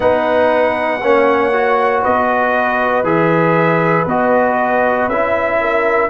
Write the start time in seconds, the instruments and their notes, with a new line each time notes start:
0.00 tuba B3, trombone D#4, horn B4, trumpet F#5
1.01 tuba A#3, trombone C#4, horn C#5
1.53 trombone F#4
2.02 tuba B3, horn B4, trumpet D#5
3.03 tuba E3, trombone G#4, trumpet E5
4.06 tuba B3, trombone F#4, trumpet D#5
5.08 tuba C#4, trombone E4, trumpet E5
5.60 horn A#4